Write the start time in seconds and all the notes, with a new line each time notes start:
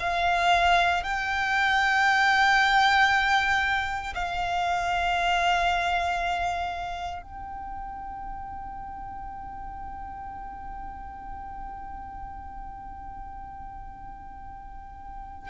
0.00 F5
1.03 G5
4.15 F5
7.23 G5